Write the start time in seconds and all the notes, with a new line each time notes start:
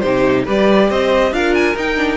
0.00 C3 D#4 G4 C5
0.45 G3 G4 B4 D5
0.90 C4 C5 D#5
1.32 D4 F4 A#4 F5
1.55 G#5
1.76 D#4 G5
1.96 D4